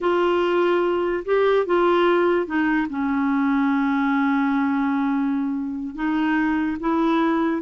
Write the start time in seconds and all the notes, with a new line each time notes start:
0.00 F4
1.25 G4
1.66 F4
2.46 D#4
2.89 C#4
5.95 D#4
6.80 E4